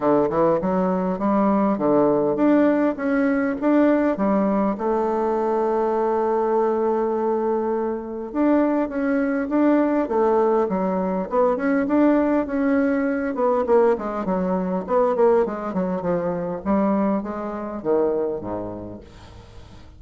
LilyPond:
\new Staff \with { instrumentName = "bassoon" } { \time 4/4 \tempo 4 = 101 d8 e8 fis4 g4 d4 | d'4 cis'4 d'4 g4 | a1~ | a2 d'4 cis'4 |
d'4 a4 fis4 b8 cis'8 | d'4 cis'4. b8 ais8 gis8 | fis4 b8 ais8 gis8 fis8 f4 | g4 gis4 dis4 gis,4 | }